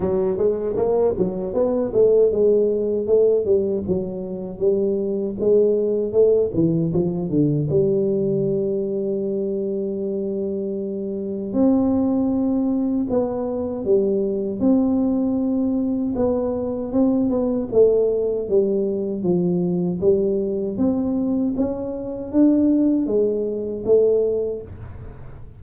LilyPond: \new Staff \with { instrumentName = "tuba" } { \time 4/4 \tempo 4 = 78 fis8 gis8 ais8 fis8 b8 a8 gis4 | a8 g8 fis4 g4 gis4 | a8 e8 f8 d8 g2~ | g2. c'4~ |
c'4 b4 g4 c'4~ | c'4 b4 c'8 b8 a4 | g4 f4 g4 c'4 | cis'4 d'4 gis4 a4 | }